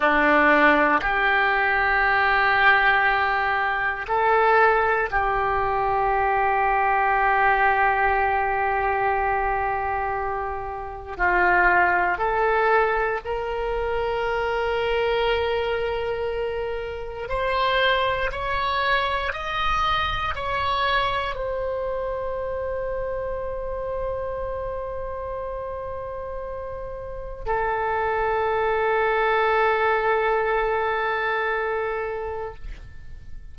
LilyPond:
\new Staff \with { instrumentName = "oboe" } { \time 4/4 \tempo 4 = 59 d'4 g'2. | a'4 g'2.~ | g'2. f'4 | a'4 ais'2.~ |
ais'4 c''4 cis''4 dis''4 | cis''4 c''2.~ | c''2. a'4~ | a'1 | }